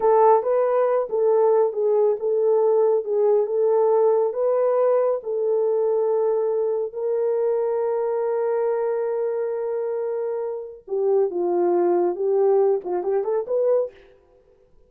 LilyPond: \new Staff \with { instrumentName = "horn" } { \time 4/4 \tempo 4 = 138 a'4 b'4. a'4. | gis'4 a'2 gis'4 | a'2 b'2 | a'1 |
ais'1~ | ais'1~ | ais'4 g'4 f'2 | g'4. f'8 g'8 a'8 b'4 | }